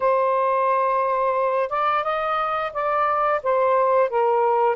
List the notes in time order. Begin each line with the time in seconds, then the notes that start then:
0.00 C5
1.69 D5
2.03 D#5
2.73 D5
3.43 C5
4.09 A#4